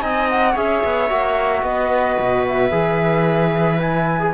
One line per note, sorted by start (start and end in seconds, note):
0.00 0.55 C4
0.00 0.54 D#4
0.00 0.52 D#5
0.00 0.28 G#5
0.29 0.56 F#5
0.52 0.83 C#4
0.52 1.09 G#4
0.52 1.60 C#5
0.52 1.64 E5
0.84 1.10 B3
1.09 1.62 A#3
1.09 2.71 F#4
1.62 2.16 B3
1.62 4.33 B4
1.62 2.45 D#5
2.19 2.71 B2
2.47 3.80 E5
2.71 4.33 E3
2.71 3.78 G#4
3.78 4.18 E4
3.78 4.33 G#5
4.19 4.33 G#4